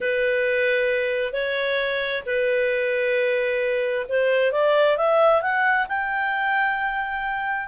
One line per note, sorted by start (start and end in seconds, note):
0.00 1.32 B4
1.32 2.23 C#5
2.26 4.06 B4
4.08 4.52 C5
4.52 4.97 D5
4.97 5.41 E5
5.41 5.86 F#5
5.88 7.67 G5